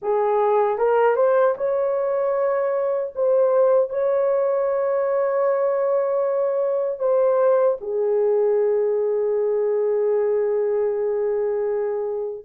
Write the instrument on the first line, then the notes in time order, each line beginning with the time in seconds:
horn
0.02 G#4
0.78 A#4
1.15 C5
1.57 C#5
3.15 C5
3.89 C#5
6.99 C5
7.80 G#4